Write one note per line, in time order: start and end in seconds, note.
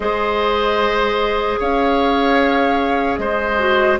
0.00 1.57 G#3
0.00 3.57 G#4
0.00 1.59 C5
0.00 1.60 D#5
1.59 3.18 C#4
1.59 3.19 C#5
1.59 3.17 F5
3.17 3.98 G#3
3.17 3.99 C5
3.17 3.97 D#5
3.58 3.98 F#4